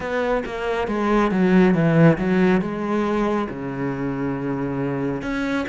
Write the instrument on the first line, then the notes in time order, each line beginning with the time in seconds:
cello
0.00 B3
0.45 A#3
0.87 G#3
1.31 F#3
1.74 E3
2.18 F#3
2.61 G#3
3.49 C#3
5.22 C#4